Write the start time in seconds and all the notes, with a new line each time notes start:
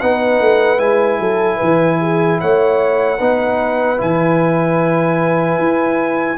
0.00 B3 D#4 B4 F#5
0.40 A3
0.78 G#3 E4 G#5
1.19 F#3 A4
1.56 E3 B4
2.00 G#4
2.40 A3 C#5 F#5
3.18 B3 D#4 B4
3.97 E3 E4 G#5
5.58 E4